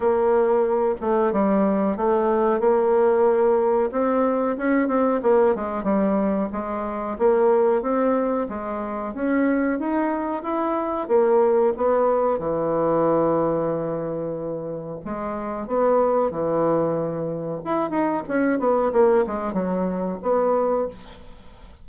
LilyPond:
\new Staff \with { instrumentName = "bassoon" } { \time 4/4 \tempo 4 = 92 ais4. a8 g4 a4 | ais2 c'4 cis'8 c'8 | ais8 gis8 g4 gis4 ais4 | c'4 gis4 cis'4 dis'4 |
e'4 ais4 b4 e4~ | e2. gis4 | b4 e2 e'8 dis'8 | cis'8 b8 ais8 gis8 fis4 b4 | }